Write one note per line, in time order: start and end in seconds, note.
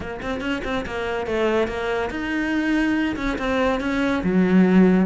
0.00 0.20 A#3
0.22 0.41 C4
0.41 0.62 C#4
0.64 0.85 C4
0.85 1.26 A#3
1.26 1.67 A3
1.67 2.09 A#3
2.10 3.16 D#4
3.16 3.37 C#4
3.38 3.80 C4
3.80 4.23 C#4
4.23 5.06 F#3